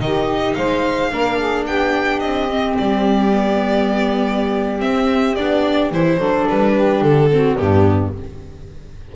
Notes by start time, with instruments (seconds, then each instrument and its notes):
0.00 double bass D#3, viola D#4, saxophone G4, violin D#5
0.54 double bass G#3, saxophone C5, violin F5
1.11 double bass A#3, viola D4, saxophone A#4
1.38 saxophone G#4
1.67 double bass B3, saxophone G4, violin G5
2.19 double bass C4, violin D#5
2.50 viola C4
2.78 double bass G3, violin D5
3.31 viola B3
4.79 viola C4, double bass C4, violin E5
5.36 double bass B3, viola D4, violin D5
5.92 double bass E3, viola E4, violin C5
6.18 double bass F#3, viola D4, saxophone A4
6.49 double bass G3, violin B4
6.74 saxophone G4
7.01 double bass D3, violin A4
7.31 viola C4, saxophone F#4
7.57 double bass G2, viola B3, saxophone D4, violin G4